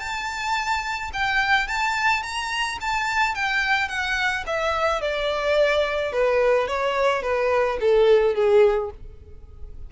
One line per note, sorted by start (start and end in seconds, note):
0.00 1.11 A5
1.13 1.68 G5
1.68 2.23 A5
2.23 2.79 A#5
2.81 3.35 A5
3.35 3.89 G5
3.89 4.44 F#5
4.46 5.02 E5
5.02 6.13 D5
6.13 6.68 B4
6.68 7.22 C#5
7.22 7.78 B4
7.81 8.35 A4
8.35 8.91 G#4